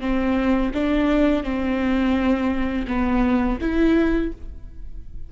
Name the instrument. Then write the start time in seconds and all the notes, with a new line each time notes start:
viola
0.00 C4
0.74 D4
1.44 C4
2.87 B3
3.61 E4